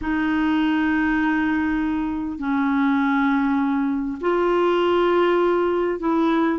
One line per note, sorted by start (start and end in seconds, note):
0.01 2.38 D#4
2.38 4.18 C#4
4.20 5.99 F4
5.99 6.58 E4